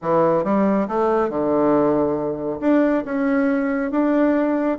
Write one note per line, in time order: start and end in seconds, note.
0.02 0.43 E3
0.43 0.87 G3
0.88 1.29 A3
1.29 2.60 D3
2.60 3.04 D4
3.04 3.91 C#4
3.91 4.78 D4